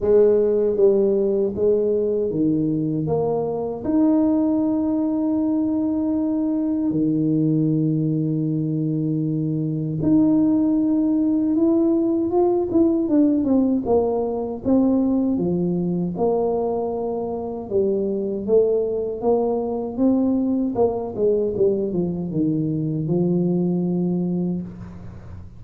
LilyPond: \new Staff \with { instrumentName = "tuba" } { \time 4/4 \tempo 4 = 78 gis4 g4 gis4 dis4 | ais4 dis'2.~ | dis'4 dis2.~ | dis4 dis'2 e'4 |
f'8 e'8 d'8 c'8 ais4 c'4 | f4 ais2 g4 | a4 ais4 c'4 ais8 gis8 | g8 f8 dis4 f2 | }